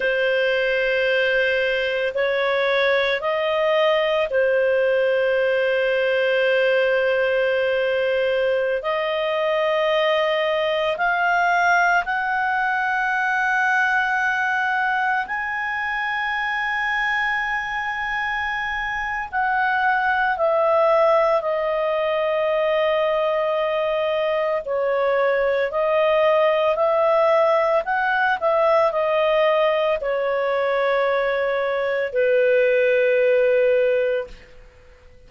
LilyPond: \new Staff \with { instrumentName = "clarinet" } { \time 4/4 \tempo 4 = 56 c''2 cis''4 dis''4 | c''1~ | c''16 dis''2 f''4 fis''8.~ | fis''2~ fis''16 gis''4.~ gis''16~ |
gis''2 fis''4 e''4 | dis''2. cis''4 | dis''4 e''4 fis''8 e''8 dis''4 | cis''2 b'2 | }